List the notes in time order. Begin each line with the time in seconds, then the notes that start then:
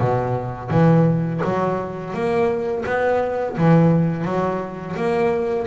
0.00 B2
0.71 E3
1.44 F#3
2.14 A#3
2.86 B3
3.58 E3
4.25 F#3
4.96 A#3